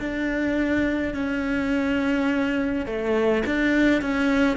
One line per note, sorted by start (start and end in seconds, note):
0.00 1.14 D4
1.14 2.86 C#4
2.86 3.44 A3
3.46 4.02 D4
4.02 4.57 C#4